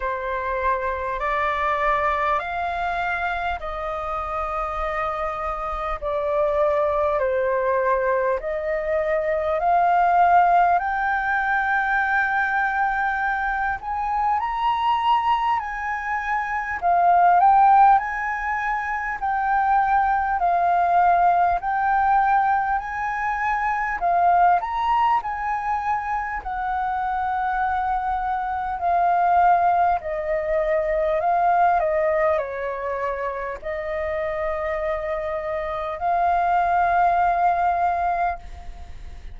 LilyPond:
\new Staff \with { instrumentName = "flute" } { \time 4/4 \tempo 4 = 50 c''4 d''4 f''4 dis''4~ | dis''4 d''4 c''4 dis''4 | f''4 g''2~ g''8 gis''8 | ais''4 gis''4 f''8 g''8 gis''4 |
g''4 f''4 g''4 gis''4 | f''8 ais''8 gis''4 fis''2 | f''4 dis''4 f''8 dis''8 cis''4 | dis''2 f''2 | }